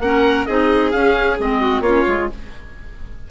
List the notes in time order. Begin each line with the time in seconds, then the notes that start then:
0.00 A#3 C#4 A#4 F#5
0.46 C4 D#4 G#4 D#5
0.92 C#4 F5
1.39 G#3 C4 D#5
1.61 F#4
1.81 A#3 C#4 F4 C#5
2.07 G#3 F4